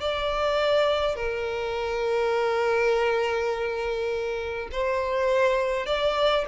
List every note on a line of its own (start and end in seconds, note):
0.00 1.16 D5
1.16 4.68 A#4
4.72 5.86 C5
5.86 6.45 D5